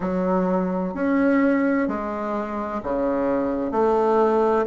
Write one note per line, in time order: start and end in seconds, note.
0.00 0.94 F#3
0.94 1.87 C#4
1.87 2.81 G#3
2.83 3.71 C#3
3.71 4.65 A3